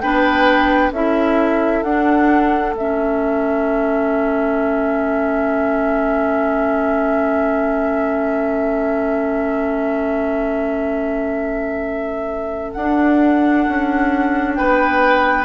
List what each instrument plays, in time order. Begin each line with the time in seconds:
0.00 bassoon B3, clarinet D4, oboe B4, flute G5
0.91 bassoon C#4, clarinet E4, oboe A4, flute E5
1.82 bassoon D4, clarinet D4, flute F#5
2.72 bassoon A3, clarinet C#4, flute E5
12.72 bassoon D4, clarinet D4, flute F#5
13.67 bassoon C#4
14.54 bassoon B3, oboe B4, flute G5